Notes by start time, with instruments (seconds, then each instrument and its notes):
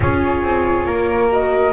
0.00 double bass C#4, viola F4, flute G#4 C#5
0.42 double bass C4
0.85 double bass A#3, flute A#4
1.29 viola F#4, flute D#5